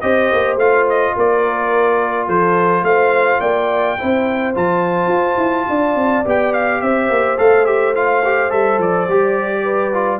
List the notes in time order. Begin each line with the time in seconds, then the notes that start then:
0.00 C4 G4 C5 D#5
0.32 A#3
0.56 A3 F4 F5
0.89 D#5
1.15 A#3 A#4 D5
2.27 F3 A4 C5
2.82 A3 C5 F5
3.40 A#3 D5 G5
3.98 C4 E4 C5
4.54 F3 F4 A5
5.07 F4
5.37 E4
5.69 D4 D5
5.95 C4
6.24 B3 G4 G5
6.53 F5
6.81 C4 C5 E5
7.09 A#3
7.37 A3 A4 F5
7.65 G4 E5
7.94 F4 F5
8.24 G4
8.50 G3 A4 E5
8.78 F3 D5
9.08 G3 G4
9.63 B4
9.93 F4